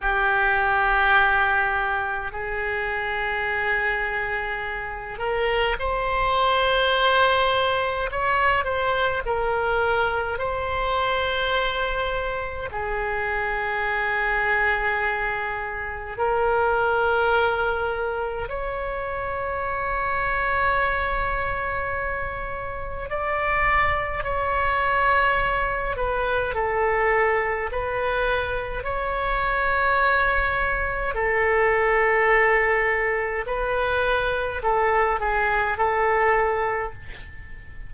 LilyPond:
\new Staff \with { instrumentName = "oboe" } { \time 4/4 \tempo 4 = 52 g'2 gis'2~ | gis'8 ais'8 c''2 cis''8 c''8 | ais'4 c''2 gis'4~ | gis'2 ais'2 |
cis''1 | d''4 cis''4. b'8 a'4 | b'4 cis''2 a'4~ | a'4 b'4 a'8 gis'8 a'4 | }